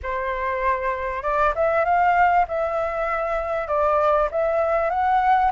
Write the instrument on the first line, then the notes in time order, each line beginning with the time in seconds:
flute
0.02 C5
1.22 D5
1.55 E5
1.84 F5
2.47 E5
3.67 D5
4.31 E5
4.90 F#5